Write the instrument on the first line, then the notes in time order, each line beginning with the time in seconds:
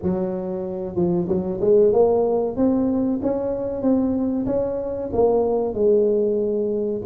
tuba
0.02 F#3
0.95 F3
1.28 F#3
1.60 G#3
1.92 A#3
2.56 C4
3.22 C#4
3.82 C4
4.46 C#4
5.12 A#3
5.74 G#3